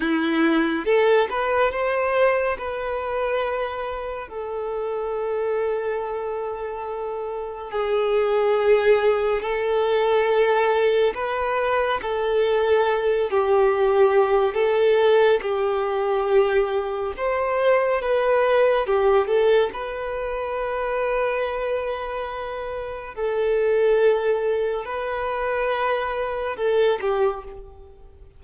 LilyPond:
\new Staff \with { instrumentName = "violin" } { \time 4/4 \tempo 4 = 70 e'4 a'8 b'8 c''4 b'4~ | b'4 a'2.~ | a'4 gis'2 a'4~ | a'4 b'4 a'4. g'8~ |
g'4 a'4 g'2 | c''4 b'4 g'8 a'8 b'4~ | b'2. a'4~ | a'4 b'2 a'8 g'8 | }